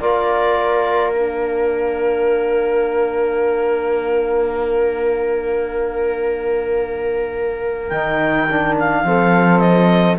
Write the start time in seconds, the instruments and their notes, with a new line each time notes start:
0.00 cello A#3, trombone F4, flute A#4, clarinet D5
1.12 trombone D4, clarinet F5
7.89 cello D#3, trombone D#4, clarinet G5
8.50 trombone D4
8.80 clarinet F5
9.04 cello F3, trombone C4, flute A4
9.60 clarinet D#5